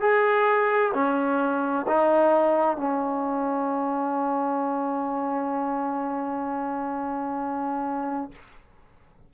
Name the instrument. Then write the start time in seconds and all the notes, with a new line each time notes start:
trombone
0.00 G#4
0.94 C#4
1.87 D#4
2.77 C#4